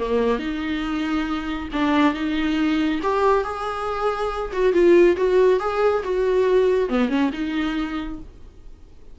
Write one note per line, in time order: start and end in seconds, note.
0.00 0.40 A#3
0.40 1.69 D#4
1.73 2.14 D4
2.14 3.01 D#4
3.03 3.44 G4
3.44 4.52 G#4
4.53 4.73 F#4
4.73 5.17 F4
5.17 5.60 F#4
5.60 6.03 G#4
6.04 6.90 F#4
6.90 7.10 B3
7.10 7.31 C#4
7.33 8.19 D#4